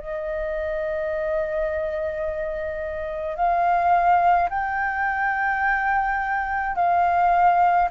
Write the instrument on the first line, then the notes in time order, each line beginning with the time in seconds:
flute
0.00 D#5
3.36 F5
4.50 G5
6.76 F5